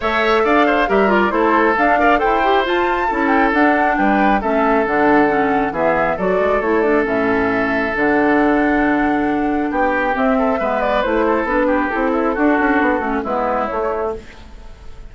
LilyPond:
<<
  \new Staff \with { instrumentName = "flute" } { \time 4/4 \tempo 4 = 136 e''4 f''4 e''8 d''8 c''4 | f''4 g''4 a''4. g''8 | fis''4 g''4 e''4 fis''4~ | fis''4 e''4 d''4 cis''8 d''8 |
e''2 fis''2~ | fis''2 g''4 e''4~ | e''8 d''8 c''4 b'4 a'4~ | a'2 b'4 cis''4 | }
  \new Staff \with { instrumentName = "oboe" } { \time 4/4 cis''4 d''8 c''8 ais'4 a'4~ | a'8 d''8 c''2 a'4~ | a'4 b'4 a'2~ | a'4 gis'4 a'2~ |
a'1~ | a'2 g'4. a'8 | b'4. a'4 g'4 e'8 | fis'2 e'2 | }
  \new Staff \with { instrumentName = "clarinet" } { \time 4/4 a'2 g'8 f'8 e'4 | d'8 ais'8 a'8 g'8 f'4 e'4 | d'2 cis'4 d'4 | cis'4 b4 fis'4 e'8 d'8 |
cis'2 d'2~ | d'2. c'4 | b4 e'4 d'4 e'4 | d'4. cis'8 b4 a4 | }
  \new Staff \with { instrumentName = "bassoon" } { \time 4/4 a4 d'4 g4 a4 | d'4 e'4 f'4 cis'4 | d'4 g4 a4 d4~ | d4 e4 fis8 gis8 a4 |
a,2 d2~ | d2 b4 c'4 | gis4 a4 b4 c'4 | d'8 cis'8 b8 a8 gis4 a4 | }
>>